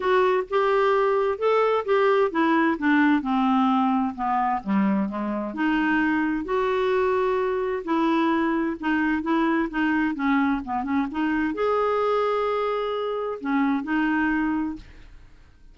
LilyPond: \new Staff \with { instrumentName = "clarinet" } { \time 4/4 \tempo 4 = 130 fis'4 g'2 a'4 | g'4 e'4 d'4 c'4~ | c'4 b4 g4 gis4 | dis'2 fis'2~ |
fis'4 e'2 dis'4 | e'4 dis'4 cis'4 b8 cis'8 | dis'4 gis'2.~ | gis'4 cis'4 dis'2 | }